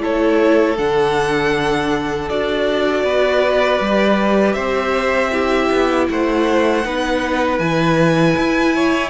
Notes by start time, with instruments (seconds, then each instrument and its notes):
0.00 cello A3, viola E4, violin A4 C#5
0.78 cello D3, viola D4, violin F#5
2.29 cello D4, viola F#4, violin D5
3.04 cello B3, violin B4
3.81 cello G3, viola G4
4.54 cello C4, violin C5 E5
5.32 viola E4, violin G4
5.71 cello B3
6.09 cello A3, violin C5 F#5
6.84 cello B3, viola D#4, violin B4
7.59 cello E3, viola E4, violin G#5
8.37 cello E4
8.76 violin C#5